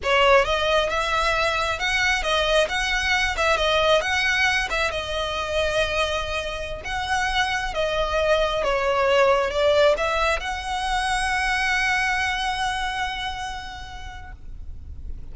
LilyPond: \new Staff \with { instrumentName = "violin" } { \time 4/4 \tempo 4 = 134 cis''4 dis''4 e''2 | fis''4 dis''4 fis''4. e''8 | dis''4 fis''4. e''8 dis''4~ | dis''2.~ dis''16 fis''8.~ |
fis''4~ fis''16 dis''2 cis''8.~ | cis''4~ cis''16 d''4 e''4 fis''8.~ | fis''1~ | fis''1 | }